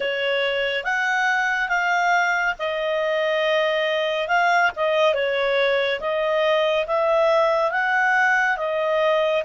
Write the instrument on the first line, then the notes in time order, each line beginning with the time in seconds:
clarinet
0.00 C#5
0.84 F#5
1.68 F5
2.58 D#5
4.27 F5
4.76 D#5
5.14 C#5
6.00 D#5
6.86 E5
7.71 F#5
8.57 D#5